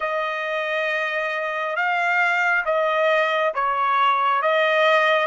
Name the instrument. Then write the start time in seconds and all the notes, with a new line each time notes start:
trumpet
0.00 D#5
1.76 F5
2.65 D#5
3.54 C#5
4.42 D#5